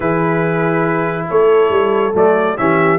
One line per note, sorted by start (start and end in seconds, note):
0.00 1.28 E3
0.00 2.12 E4
0.00 1.27 G#4
0.00 1.27 B4
1.29 1.69 A3
1.29 2.57 A4
1.29 2.15 C#5
1.69 2.12 G3
2.14 2.57 F#3
2.14 2.57 A3
2.14 2.57 D5
2.57 2.98 E3
2.57 2.98 C#4
2.57 2.98 G4
2.57 2.98 E5